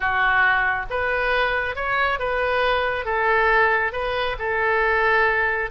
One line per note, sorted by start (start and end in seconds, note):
0.00 0.86 F#4
0.89 1.75 B4
1.75 2.19 C#5
2.19 3.05 B4
3.05 3.92 A4
3.92 4.36 B4
4.39 5.70 A4